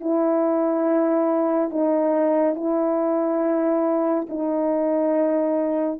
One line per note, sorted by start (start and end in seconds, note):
0.00 1.70 E4
1.70 2.55 D#4
2.55 4.27 E4
4.29 6.00 D#4